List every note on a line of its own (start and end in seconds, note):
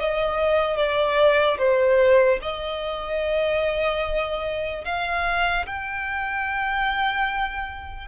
0.00 0.77 D#5
0.77 1.58 D5
1.58 2.40 C5
2.42 4.85 D#5
4.85 5.66 F5
5.66 8.08 G5